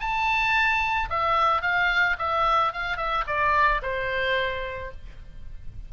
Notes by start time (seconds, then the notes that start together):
0.00 A5
1.10 E5
1.62 F5
2.19 E5
2.72 F5
2.97 E5
3.27 D5
3.82 C5